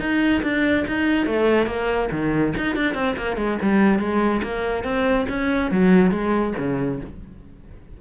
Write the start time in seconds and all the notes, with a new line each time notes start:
0.00 D#4
0.43 D4
0.87 D#4
1.26 A3
1.67 A#3
2.12 D#3
2.57 D#4
2.76 D4
2.94 C4
3.17 A#3
3.37 G#3
3.62 G3
3.99 G#3
4.43 A#3
4.84 C4
5.29 C#4
5.71 F#3
6.11 G#3
6.58 C#3